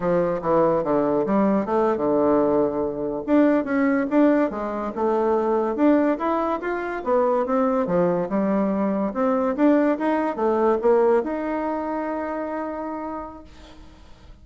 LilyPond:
\new Staff \with { instrumentName = "bassoon" } { \time 4/4 \tempo 4 = 143 f4 e4 d4 g4 | a8. d2. d'16~ | d'8. cis'4 d'4 gis4 a16~ | a4.~ a16 d'4 e'4 f'16~ |
f'8. b4 c'4 f4 g16~ | g4.~ g16 c'4 d'4 dis'16~ | dis'8. a4 ais4 dis'4~ dis'16~ | dis'1 | }